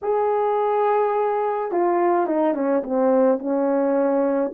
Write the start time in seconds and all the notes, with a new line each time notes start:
0.02 G#4
1.71 F4
2.26 D#4
2.54 C#4
2.83 C4
3.38 C#4